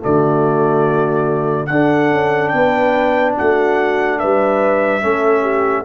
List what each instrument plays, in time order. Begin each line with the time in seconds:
0.00 tuba D3, trombone A3, horn F#4, trumpet D5
1.67 tuba D4, horn A4, trumpet F#5
1.73 trombone D4
2.11 tuba C#4
2.49 tuba B3, horn B4, trumpet G5
3.38 tuba A3, horn F#4, trumpet F#5
4.19 tuba G3, horn B4, trumpet E5
5.01 tuba A3, trombone C#4, horn A4
5.42 horn G4